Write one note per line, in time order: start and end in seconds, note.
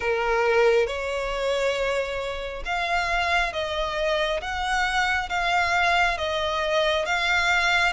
0.00 0.86 A#4
0.86 2.63 C#5
2.65 3.52 F5
3.52 4.40 D#5
4.41 5.29 F#5
5.29 6.17 F5
6.17 7.05 D#5
7.05 7.92 F5